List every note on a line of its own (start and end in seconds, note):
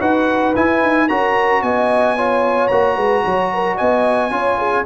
0.00 0.55 D#4
0.00 0.54 F#4
0.00 1.08 B4
0.00 0.55 F#5
0.56 0.83 E4
0.56 1.09 E4
0.56 1.08 G#5
0.83 1.10 D#4
1.08 1.62 C#4
1.08 2.18 F#4
1.08 1.63 A#4
1.08 1.62 A#5
1.62 2.70 B3
1.62 2.16 D#5
1.62 2.68 G#5
2.16 2.71 F4
2.16 2.96 C#5
2.68 2.97 A#3
2.68 4.30 F#4
2.68 3.76 A#5
2.96 3.24 G#3
2.96 3.23 B4
3.25 3.80 F#3
3.25 3.52 C#5
3.53 3.76 A#4
3.76 4.31 B3
3.76 4.30 D#5
3.76 4.85 G#5
4.30 4.85 C#4
4.30 4.84 F4
4.30 4.58 C#5
4.58 4.85 G#4